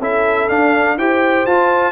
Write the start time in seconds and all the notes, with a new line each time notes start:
0.00 C#4 E4 A4 E5
0.49 D4 F5
0.97 E4 G4 C5 G5
1.46 F4 A5